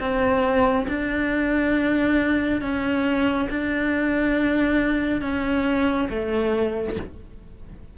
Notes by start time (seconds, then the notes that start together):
0.00 C4
0.89 D4
2.62 C#4
3.51 D4
5.22 C#4
6.09 A3